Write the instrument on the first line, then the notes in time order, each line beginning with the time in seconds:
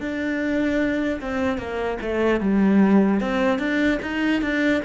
cello
0.00 D4
1.20 C4
1.57 A#3
2.01 A3
2.40 G3
3.20 C4
3.58 D4
4.01 D#4
4.41 D4